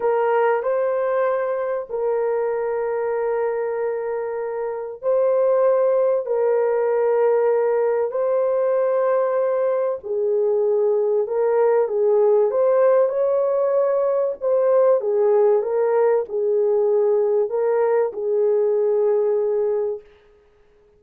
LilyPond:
\new Staff \with { instrumentName = "horn" } { \time 4/4 \tempo 4 = 96 ais'4 c''2 ais'4~ | ais'1 | c''2 ais'2~ | ais'4 c''2. |
gis'2 ais'4 gis'4 | c''4 cis''2 c''4 | gis'4 ais'4 gis'2 | ais'4 gis'2. | }